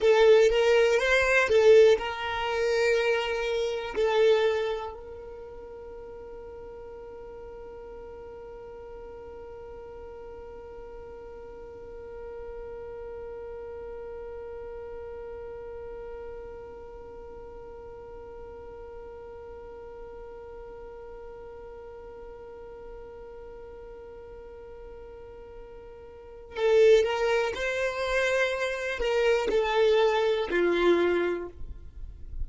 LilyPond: \new Staff \with { instrumentName = "violin" } { \time 4/4 \tempo 4 = 61 a'8 ais'8 c''8 a'8 ais'2 | a'4 ais'2.~ | ais'1~ | ais'1~ |
ais'1~ | ais'1~ | ais'2. a'8 ais'8 | c''4. ais'8 a'4 f'4 | }